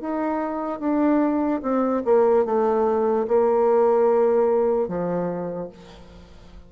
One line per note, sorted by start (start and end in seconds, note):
0.00 0.79 D#4
0.79 1.60 D4
1.62 2.02 C4
2.05 2.45 A#3
2.45 3.26 A3
3.27 4.88 A#3
4.88 5.69 F3